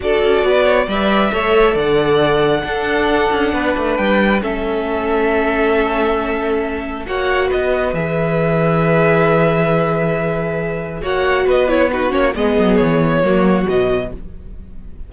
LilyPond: <<
  \new Staff \with { instrumentName = "violin" } { \time 4/4 \tempo 4 = 136 d''2 e''2 | fis''1~ | fis''4 g''4 e''2~ | e''1 |
fis''4 dis''4 e''2~ | e''1~ | e''4 fis''4 dis''8 cis''8 b'8 cis''8 | dis''4 cis''2 dis''4 | }
  \new Staff \with { instrumentName = "violin" } { \time 4/4 a'4 b'8 cis''8 d''4 cis''4 | d''2 a'2 | b'2 a'2~ | a'1 |
cis''4 b'2.~ | b'1~ | b'4 cis''4 b'4 fis'4 | gis'2 fis'2 | }
  \new Staff \with { instrumentName = "viola" } { \time 4/4 fis'2 b'4 a'4~ | a'2 d'2~ | d'2 cis'2~ | cis'1 |
fis'2 gis'2~ | gis'1~ | gis'4 fis'4. e'8 dis'8 cis'8 | b2 ais4 fis4 | }
  \new Staff \with { instrumentName = "cello" } { \time 4/4 d'8 cis'8 b4 g4 a4 | d2 d'4. cis'8 | b8 a8 g4 a2~ | a1 |
ais4 b4 e2~ | e1~ | e4 ais4 b4. ais8 | gis8 fis8 e4 fis4 b,4 | }
>>